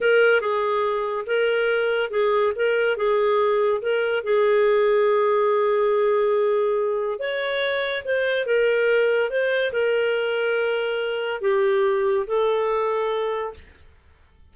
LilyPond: \new Staff \with { instrumentName = "clarinet" } { \time 4/4 \tempo 4 = 142 ais'4 gis'2 ais'4~ | ais'4 gis'4 ais'4 gis'4~ | gis'4 ais'4 gis'2~ | gis'1~ |
gis'4 cis''2 c''4 | ais'2 c''4 ais'4~ | ais'2. g'4~ | g'4 a'2. | }